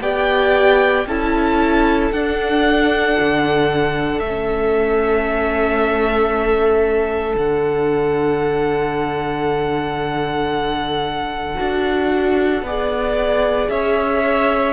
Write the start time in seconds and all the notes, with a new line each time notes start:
0.00 B3 G4 D5 G5
1.06 C#4 E4 A4 A5
2.12 D4 F#5
3.20 D3
4.19 A3 E5
4.27 C#4
7.35 D3 D4 F#5
11.55 D4 F#4
12.62 B3 G#4 D5
13.69 C#4 C#5 E5